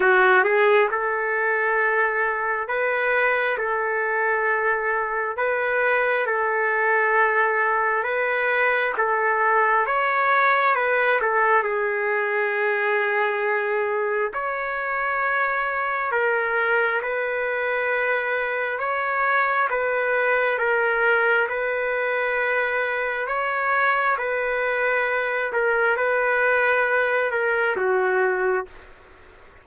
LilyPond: \new Staff \with { instrumentName = "trumpet" } { \time 4/4 \tempo 4 = 67 fis'8 gis'8 a'2 b'4 | a'2 b'4 a'4~ | a'4 b'4 a'4 cis''4 | b'8 a'8 gis'2. |
cis''2 ais'4 b'4~ | b'4 cis''4 b'4 ais'4 | b'2 cis''4 b'4~ | b'8 ais'8 b'4. ais'8 fis'4 | }